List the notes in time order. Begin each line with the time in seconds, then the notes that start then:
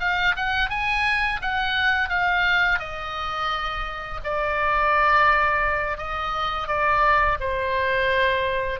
0.00 F5
0.36 F#5
0.70 G#5
1.41 F#5
2.09 F5
2.79 D#5
4.24 D5
5.97 D#5
6.67 D5
7.40 C5